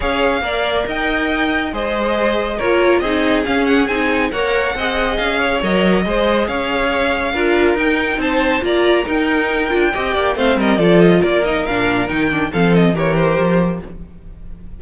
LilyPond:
<<
  \new Staff \with { instrumentName = "violin" } { \time 4/4 \tempo 4 = 139 f''2 g''2 | dis''2 cis''4 dis''4 | f''8 fis''8 gis''4 fis''2 | f''4 dis''2 f''4~ |
f''2 g''4 a''4 | ais''4 g''2. | f''8 dis''8 d''8 dis''8 d''8 dis''8 f''4 | g''4 f''8 dis''8 cis''8 c''4. | }
  \new Staff \with { instrumentName = "violin" } { \time 4/4 cis''4 d''4 dis''2 | c''2 ais'4 gis'4~ | gis'2 cis''4 dis''4~ | dis''8 cis''4. c''4 cis''4~ |
cis''4 ais'2 c''4 | d''4 ais'2 dis''8 d''8 | c''8 ais'8 a'4 ais'2~ | ais'4 a'4 ais'2 | }
  \new Staff \with { instrumentName = "viola" } { \time 4/4 gis'4 ais'2. | gis'2 f'4 dis'4 | cis'4 dis'4 ais'4 gis'4~ | gis'4 ais'4 gis'2~ |
gis'4 f'4 dis'2 | f'4 dis'4. f'8 g'4 | c'4 f'4. dis'8 d'4 | dis'8 d'8 c'4 g'2 | }
  \new Staff \with { instrumentName = "cello" } { \time 4/4 cis'4 ais4 dis'2 | gis2 ais4 c'4 | cis'4 c'4 ais4 c'4 | cis'4 fis4 gis4 cis'4~ |
cis'4 d'4 dis'4 c'4 | ais4 dis'4. d'8 c'8 ais8 | a8 g8 f4 ais4 ais,4 | dis4 f4 e4 f4 | }
>>